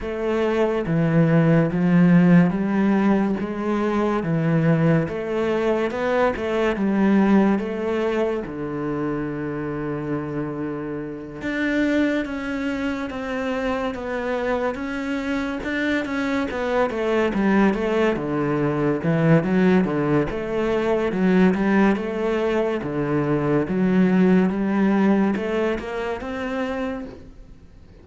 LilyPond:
\new Staff \with { instrumentName = "cello" } { \time 4/4 \tempo 4 = 71 a4 e4 f4 g4 | gis4 e4 a4 b8 a8 | g4 a4 d2~ | d4. d'4 cis'4 c'8~ |
c'8 b4 cis'4 d'8 cis'8 b8 | a8 g8 a8 d4 e8 fis8 d8 | a4 fis8 g8 a4 d4 | fis4 g4 a8 ais8 c'4 | }